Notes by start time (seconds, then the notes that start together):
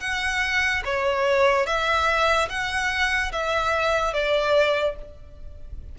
0.00 F#5
0.85 C#5
1.66 E5
2.49 F#5
3.32 E5
4.13 D5